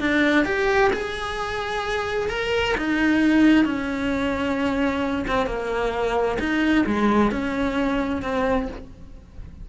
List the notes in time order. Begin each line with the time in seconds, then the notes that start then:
0.00 D4
0.45 G4
0.93 G#4
2.29 A#4
2.78 D#4
3.65 C#4
5.27 C4
5.46 A#3
6.40 D#4
6.86 G#3
7.31 C#4
8.22 C4